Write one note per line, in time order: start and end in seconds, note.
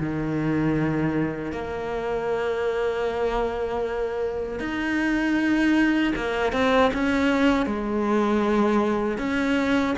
0.00 1.52 D#3
1.52 4.60 A#3
4.60 6.14 D#4
6.16 6.53 A#3
6.53 6.91 C4
6.94 7.66 C#4
7.66 9.19 G#3
9.19 9.95 C#4